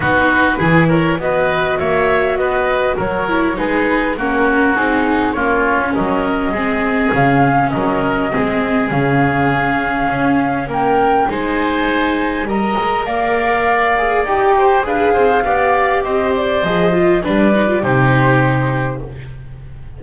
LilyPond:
<<
  \new Staff \with { instrumentName = "flute" } { \time 4/4 \tempo 4 = 101 b'4. cis''8 dis''4 e''4 | dis''4 cis''4 b'4 ais'4 | gis'4 cis''4 dis''2 | f''4 dis''2 f''4~ |
f''2 g''4 gis''4~ | gis''4 ais''4 f''2 | g''4 f''2 dis''8 d''8 | dis''4 d''4 c''2 | }
  \new Staff \with { instrumentName = "oboe" } { \time 4/4 fis'4 gis'8 ais'8 b'4 cis''4 | b'4 ais'4 gis'4 fis'4~ | fis'4 f'4 ais'4 gis'4~ | gis'4 ais'4 gis'2~ |
gis'2 ais'4 c''4~ | c''4 dis''4 d''2~ | d''8 c''8 b'8 c''8 d''4 c''4~ | c''4 b'4 g'2 | }
  \new Staff \with { instrumentName = "viola" } { \time 4/4 dis'4 e'4 fis'2~ | fis'4. e'8 dis'4 cis'4 | dis'4 cis'2 c'4 | cis'2 c'4 cis'4~ |
cis'2. dis'4~ | dis'4 ais'2~ ais'8 gis'8 | g'4 gis'4 g'2 | gis'8 f'8 d'8 dis'16 f'16 dis'2 | }
  \new Staff \with { instrumentName = "double bass" } { \time 4/4 b4 e4 b4 ais4 | b4 fis4 gis4 ais4 | c'4 ais8. cis'16 fis4 gis4 | cis4 fis4 gis4 cis4~ |
cis4 cis'4 ais4 gis4~ | gis4 g8 gis8 ais2 | dis'4 d'8 c'8 b4 c'4 | f4 g4 c2 | }
>>